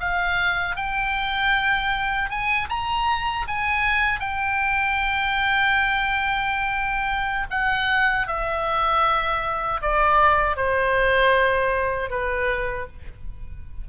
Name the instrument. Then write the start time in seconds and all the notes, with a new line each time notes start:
oboe
0.00 F5
0.76 G5
2.30 G#5
2.69 A#5
3.48 G#5
4.20 G5
7.51 F#5
8.27 E5
9.82 D5
10.57 C5
12.10 B4